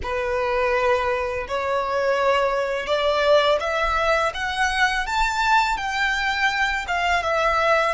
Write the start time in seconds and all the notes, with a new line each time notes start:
0.02 B4
1.48 C#5
2.86 D5
3.60 E5
4.34 F#5
5.06 A5
5.77 G5
6.87 F5
7.22 E5